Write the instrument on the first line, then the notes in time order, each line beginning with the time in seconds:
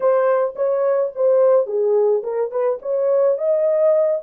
horn
0.00 C5
0.55 C#5
1.15 C5
1.66 G#4
2.23 A#4
2.51 B4
2.81 C#5
3.38 D#5